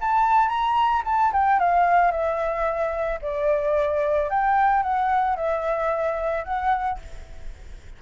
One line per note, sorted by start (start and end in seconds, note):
0.00 0.48 A5
0.48 1.02 A#5
1.05 1.32 A5
1.32 1.59 G5
1.59 2.11 F5
2.11 3.19 E5
3.21 4.29 D5
4.30 4.82 G5
4.82 5.36 F#5
5.36 6.44 E5
6.44 6.98 F#5